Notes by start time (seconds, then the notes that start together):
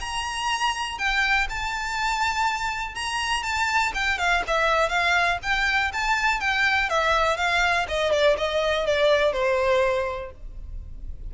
0.00 A#5
0.98 G5
1.49 A5
2.95 A#5
3.43 A5
3.94 G5
4.18 F5
4.47 E5
4.89 F5
5.43 G5
5.93 A5
6.40 G5
6.89 E5
7.37 F5
7.88 D#5
8.12 D5
8.37 D#5
8.86 D5
9.32 C5